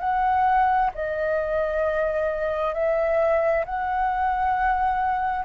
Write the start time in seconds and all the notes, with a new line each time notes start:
0.00 F#5
0.95 D#5
2.74 E5
3.66 F#5